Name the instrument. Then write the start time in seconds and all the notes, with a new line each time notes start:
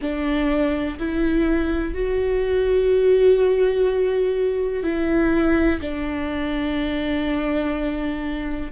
viola
0.01 D4
0.99 E4
1.94 F#4
4.83 E4
5.81 D4